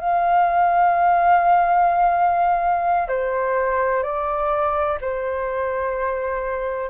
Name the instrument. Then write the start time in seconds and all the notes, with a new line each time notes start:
flute
0.00 F5
3.08 C5
4.03 D5
5.01 C5